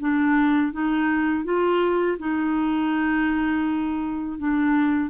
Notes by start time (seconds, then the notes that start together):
0.00 D4
0.73 D#4
1.44 F4
2.19 D#4
4.38 D4